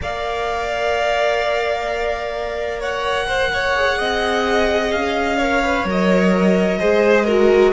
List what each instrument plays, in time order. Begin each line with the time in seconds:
0.01 cello A#3, viola A#4, violin D5 F5
2.79 violin C#5 F#5
3.27 violin C5
3.53 violin C#5
3.75 viola G#4
3.98 cello C4, violin D#5
4.91 cello C#4, violin F5
5.37 viola A#4, violin C#5
5.62 viola B4
5.84 cello F#3, viola A#4, violin D#5
6.79 cello G#3, viola G#4, violin C5
7.24 viola F#4, violin A#4